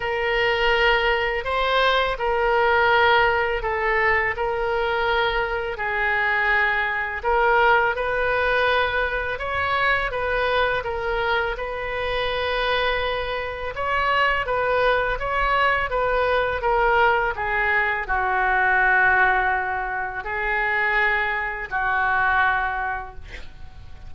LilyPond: \new Staff \with { instrumentName = "oboe" } { \time 4/4 \tempo 4 = 83 ais'2 c''4 ais'4~ | ais'4 a'4 ais'2 | gis'2 ais'4 b'4~ | b'4 cis''4 b'4 ais'4 |
b'2. cis''4 | b'4 cis''4 b'4 ais'4 | gis'4 fis'2. | gis'2 fis'2 | }